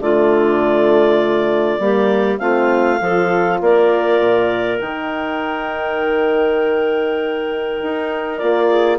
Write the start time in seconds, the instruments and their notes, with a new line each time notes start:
0.00 bassoon D3, horn A3, clarinet F4 D5
1.79 bassoon G3, horn A#3, clarinet G4
2.39 bassoon A3, horn C4, clarinet F4 F5
3.01 bassoon F3, horn F4, clarinet A4
3.61 bassoon A#3, clarinet A#4 D5
4.20 bassoon A#2
4.79 bassoon D#3, horn D#4, clarinet G5
7.83 bassoon D#4
8.37 bassoon A#3, horn F4, clarinet D5
8.69 clarinet G#4